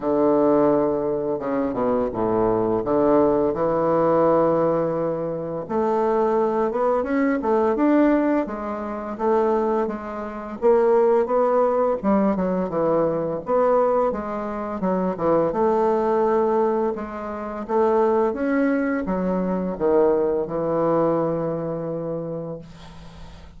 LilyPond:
\new Staff \with { instrumentName = "bassoon" } { \time 4/4 \tempo 4 = 85 d2 cis8 b,8 a,4 | d4 e2. | a4. b8 cis'8 a8 d'4 | gis4 a4 gis4 ais4 |
b4 g8 fis8 e4 b4 | gis4 fis8 e8 a2 | gis4 a4 cis'4 fis4 | dis4 e2. | }